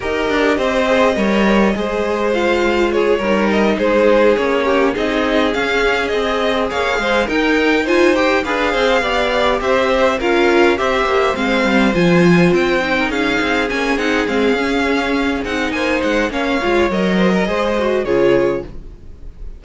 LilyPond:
<<
  \new Staff \with { instrumentName = "violin" } { \time 4/4 \tempo 4 = 103 dis''1 | f''4 cis''4 dis''8 c''4 cis''8~ | cis''8 dis''4 f''4 dis''4 f''8~ | f''8 g''4 gis''8 g''8 f''4.~ |
f''8 e''4 f''4 e''4 f''8~ | f''8 gis''4 g''4 f''4 gis''8 | fis''8 f''2 fis''8 gis''8 fis''8 | f''4 dis''2 cis''4 | }
  \new Staff \with { instrumentName = "violin" } { \time 4/4 ais'4 c''4 cis''4 c''4~ | c''4 gis'8 ais'4 gis'4. | g'8 gis'2. cis''8 | c''8 ais'4 c''4 b'8 c''8 d''8~ |
d''8 c''4 ais'4 c''4.~ | c''2~ c''16 ais'16 gis'4.~ | gis'2. c''4 | cis''4. c''16 ais'16 c''4 gis'4 | }
  \new Staff \with { instrumentName = "viola" } { \time 4/4 g'4. gis'8 ais'4 gis'4 | f'4. dis'2 cis'8~ | cis'8 dis'4 cis'4 gis'4.~ | gis'8 dis'4 f'8 g'8 gis'4 g'8~ |
g'4. f'4 g'4 c'8~ | c'8 f'4. dis'4. cis'8 | dis'8 c'8 cis'4. dis'4. | cis'8 f'8 ais'4 gis'8 fis'8 f'4 | }
  \new Staff \with { instrumentName = "cello" } { \time 4/4 dis'8 d'8 c'4 g4 gis4~ | gis4. g4 gis4 ais8~ | ais8 c'4 cis'4 c'4 ais8 | gis8 dis'2 d'8 c'8 b8~ |
b8 c'4 cis'4 c'8 ais8 gis8 | g8 f4 c'4 cis'8 c'8 ais8 | c'8 gis8 cis'4. c'8 ais8 gis8 | ais8 gis8 fis4 gis4 cis4 | }
>>